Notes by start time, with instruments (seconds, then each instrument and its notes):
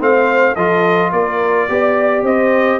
0.00 tuba A3, trombone C4, horn C5, trumpet F5
0.55 tuba F3, trombone F4, horn A4, trumpet D#5
1.12 tuba A#3, horn A#4, trumpet D5
1.70 tuba B3, trombone G4, horn D5
2.23 tuba C4, horn C5, trumpet D#5